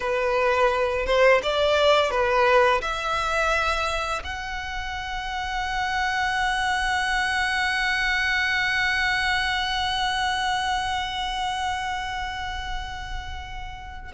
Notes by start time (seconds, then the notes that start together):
0.00 B4
1.06 C5
1.42 D5
2.10 B4
2.81 E5
4.24 F#5